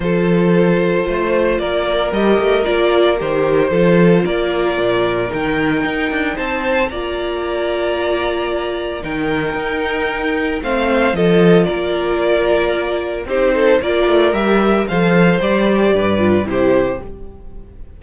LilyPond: <<
  \new Staff \with { instrumentName = "violin" } { \time 4/4 \tempo 4 = 113 c''2. d''4 | dis''4 d''4 c''2 | d''2 g''2 | a''4 ais''2.~ |
ais''4 g''2. | f''4 dis''4 d''2~ | d''4 c''4 d''4 e''4 | f''4 d''2 c''4 | }
  \new Staff \with { instrumentName = "violin" } { \time 4/4 a'2 c''4 ais'4~ | ais'2. a'4 | ais'1 | c''4 d''2.~ |
d''4 ais'2. | c''4 a'4 ais'2~ | ais'4 g'8 a'8 ais'2 | c''2 b'4 g'4 | }
  \new Staff \with { instrumentName = "viola" } { \time 4/4 f'1 | g'4 f'4 g'4 f'4~ | f'2 dis'2~ | dis'4 f'2.~ |
f'4 dis'2. | c'4 f'2.~ | f'4 dis'4 f'4 g'4 | a'4 g'4. f'8 e'4 | }
  \new Staff \with { instrumentName = "cello" } { \time 4/4 f2 a4 ais4 | g8 a8 ais4 dis4 f4 | ais4 ais,4 dis4 dis'8 d'8 | c'4 ais2.~ |
ais4 dis4 dis'2 | a4 f4 ais2~ | ais4 c'4 ais8 a8 g4 | f4 g4 g,4 c4 | }
>>